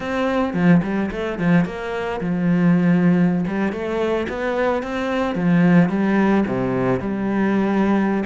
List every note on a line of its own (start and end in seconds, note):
0.00 0.53 C4
0.53 0.81 F3
0.83 1.10 G3
1.11 1.38 A3
1.39 1.65 F3
1.65 2.20 A#3
2.20 3.44 F3
3.47 3.72 G3
3.72 4.27 A3
4.28 4.82 B3
4.82 5.35 C4
5.35 5.89 F3
5.89 6.44 G3
6.46 7.00 C3
7.00 8.23 G3